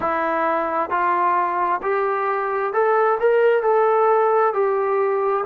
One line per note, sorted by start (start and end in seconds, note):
0.00 0.90 E4
0.90 1.81 F4
1.82 2.73 G4
2.73 3.18 A4
3.19 3.62 A#4
3.62 4.53 A4
4.53 5.44 G4